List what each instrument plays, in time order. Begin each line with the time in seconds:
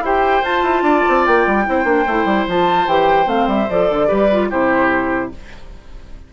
0.00 bassoon E4, clarinet G4, oboe C5, flute G5
0.42 bassoon F4, clarinet F4, flute A5
0.63 bassoon E4
0.82 bassoon D4, oboe D5
1.08 bassoon C4
1.26 bassoon A#3, flute G5
1.46 bassoon G3
1.65 bassoon C4, clarinet E4, oboe C5
1.84 bassoon A#3, clarinet D4
2.07 bassoon A3, clarinet E4
2.25 bassoon G3
2.48 bassoon F3, clarinet F4, flute A5
2.86 bassoon E3, clarinet G4, flute G5
3.25 bassoon A3, clarinet C4, flute F5
3.47 bassoon G3, flute E5
3.70 bassoon F3, clarinet A4, flute D5
3.90 bassoon D3
4.07 bassoon G3, clarinet G4, oboe B4
4.32 clarinet F4
4.50 bassoon C3, clarinet E4, oboe G4, flute C5